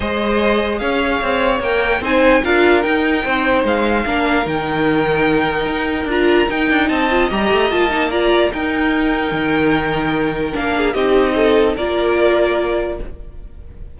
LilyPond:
<<
  \new Staff \with { instrumentName = "violin" } { \time 4/4 \tempo 4 = 148 dis''2 f''2 | g''4 gis''4 f''4 g''4~ | g''4 f''2 g''4~ | g''2. ais''4 |
g''4 a''4 ais''4 a''4 | ais''4 g''2.~ | g''2 f''4 dis''4~ | dis''4 d''2. | }
  \new Staff \with { instrumentName = "violin" } { \time 4/4 c''2 cis''2~ | cis''4 c''4 ais'2 | c''2 ais'2~ | ais'1~ |
ais'4 dis''2. | d''4 ais'2.~ | ais'2~ ais'8 gis'8 g'4 | a'4 ais'2. | }
  \new Staff \with { instrumentName = "viola" } { \time 4/4 gis'1 | ais'4 dis'4 f'4 dis'4~ | dis'2 d'4 dis'4~ | dis'2. f'4 |
dis'4. f'8 g'4 f'8 dis'8 | f'4 dis'2.~ | dis'2 d'4 dis'4~ | dis'4 f'2. | }
  \new Staff \with { instrumentName = "cello" } { \time 4/4 gis2 cis'4 c'4 | ais4 c'4 d'4 dis'4 | c'4 gis4 ais4 dis4~ | dis2 dis'4 d'4 |
dis'8 d'8 c'4 g8 a8 ais4~ | ais4 dis'2 dis4~ | dis2 ais4 c'4~ | c'4 ais2. | }
>>